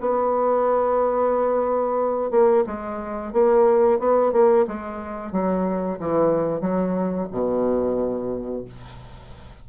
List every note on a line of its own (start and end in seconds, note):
0.00 2.30 B3
2.30 2.64 A#3
2.66 3.32 G#3
3.32 3.99 A#3
3.99 4.32 B3
4.32 4.65 A#3
4.67 5.32 G#3
5.32 5.98 F#3
5.99 6.61 E3
6.61 7.27 F#3
7.31 8.65 B2